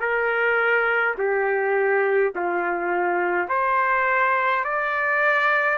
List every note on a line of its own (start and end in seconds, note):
0.00 1.15 A#4
1.18 2.33 G4
2.35 3.49 F4
3.49 4.64 C5
4.64 5.77 D5